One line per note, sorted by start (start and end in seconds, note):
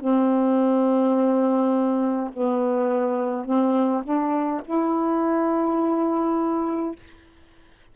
0.00 2.31 C4
2.33 3.46 B3
3.46 4.03 C4
4.04 4.62 D4
4.65 6.96 E4